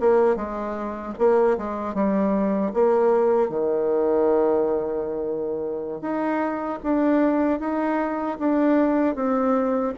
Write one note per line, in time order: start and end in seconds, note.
0.00 0.36 A#3
0.36 1.14 G#3
1.18 1.57 A#3
1.58 1.94 G#3
1.94 2.72 G3
2.73 3.49 A#3
3.49 6.01 D#3
6.01 6.79 D#4
6.83 7.59 D4
7.59 8.37 D#4
8.39 9.15 D4
9.15 9.93 C4